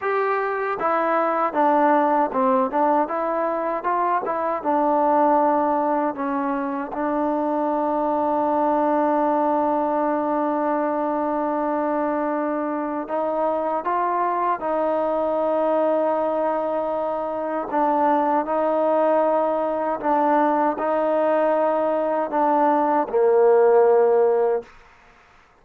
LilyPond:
\new Staff \with { instrumentName = "trombone" } { \time 4/4 \tempo 4 = 78 g'4 e'4 d'4 c'8 d'8 | e'4 f'8 e'8 d'2 | cis'4 d'2.~ | d'1~ |
d'4 dis'4 f'4 dis'4~ | dis'2. d'4 | dis'2 d'4 dis'4~ | dis'4 d'4 ais2 | }